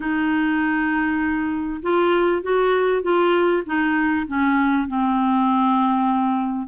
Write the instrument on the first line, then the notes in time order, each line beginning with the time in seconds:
clarinet
0.00 D#4
1.82 F4
2.42 F#4
3.02 F4
3.66 D#4
4.27 C#4
4.87 C4